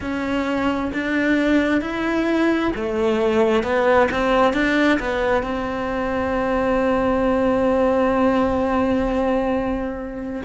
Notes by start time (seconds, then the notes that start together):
0.00 C#4
0.93 D4
1.81 E4
2.75 A3
3.63 B3
4.10 C4
4.53 D4
4.99 B3
5.43 C4